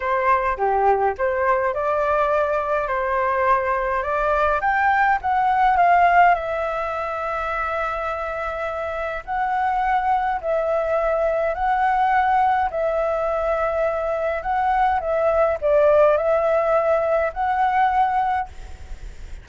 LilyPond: \new Staff \with { instrumentName = "flute" } { \time 4/4 \tempo 4 = 104 c''4 g'4 c''4 d''4~ | d''4 c''2 d''4 | g''4 fis''4 f''4 e''4~ | e''1 |
fis''2 e''2 | fis''2 e''2~ | e''4 fis''4 e''4 d''4 | e''2 fis''2 | }